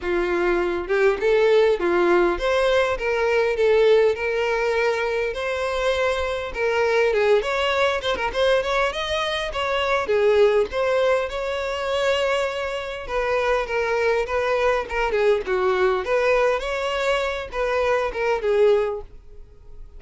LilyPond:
\new Staff \with { instrumentName = "violin" } { \time 4/4 \tempo 4 = 101 f'4. g'8 a'4 f'4 | c''4 ais'4 a'4 ais'4~ | ais'4 c''2 ais'4 | gis'8 cis''4 c''16 ais'16 c''8 cis''8 dis''4 |
cis''4 gis'4 c''4 cis''4~ | cis''2 b'4 ais'4 | b'4 ais'8 gis'8 fis'4 b'4 | cis''4. b'4 ais'8 gis'4 | }